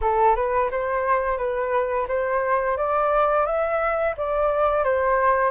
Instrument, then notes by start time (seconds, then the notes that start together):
flute
0.01 A4
0.35 B4
0.70 C5
1.37 B4
2.08 C5
2.77 D5
3.45 E5
4.17 D5
4.84 C5